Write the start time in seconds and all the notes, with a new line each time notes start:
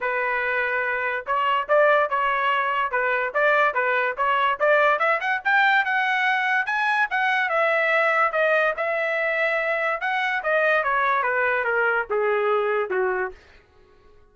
0.00 B4
1.26 C#5
1.68 D5
2.09 C#5
2.91 B4
3.34 D5
3.74 B4
4.17 C#5
4.59 D5
4.99 E5
5.20 F#5
5.44 G5
5.84 F#5
6.66 G#5
7.10 F#5
7.49 E5
8.32 D#5
8.77 E5
10.01 F#5
10.43 D#5
10.83 C#5
11.23 B4
11.64 A#4
12.09 G#4
12.89 F#4